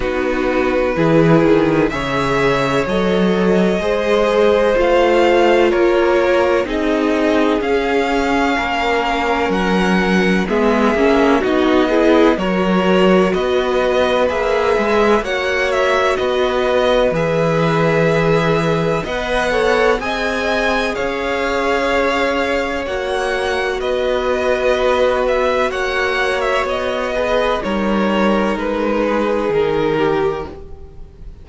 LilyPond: <<
  \new Staff \with { instrumentName = "violin" } { \time 4/4 \tempo 4 = 63 b'2 e''4 dis''4~ | dis''4 f''4 cis''4 dis''4 | f''2 fis''4 e''4 | dis''4 cis''4 dis''4 e''4 |
fis''8 e''8 dis''4 e''2 | fis''4 gis''4 f''2 | fis''4 dis''4. e''8 fis''8. e''16 | dis''4 cis''4 b'4 ais'4 | }
  \new Staff \with { instrumentName = "violin" } { \time 4/4 fis'4 gis'4 cis''2 | c''2 ais'4 gis'4~ | gis'4 ais'2 gis'4 | fis'8 gis'8 ais'4 b'2 |
cis''4 b'2. | dis''8 cis''8 dis''4 cis''2~ | cis''4 b'2 cis''4~ | cis''8 b'8 ais'4. gis'4 g'8 | }
  \new Staff \with { instrumentName = "viola" } { \time 4/4 dis'4 e'4 gis'4 a'4 | gis'4 f'2 dis'4 | cis'2. b8 cis'8 | dis'8 e'8 fis'2 gis'4 |
fis'2 gis'2 | b'8 a'8 gis'2. | fis'1~ | fis'8 gis'8 dis'2. | }
  \new Staff \with { instrumentName = "cello" } { \time 4/4 b4 e8 dis8 cis4 fis4 | gis4 a4 ais4 c'4 | cis'4 ais4 fis4 gis8 ais8 | b4 fis4 b4 ais8 gis8 |
ais4 b4 e2 | b4 c'4 cis'2 | ais4 b2 ais4 | b4 g4 gis4 dis4 | }
>>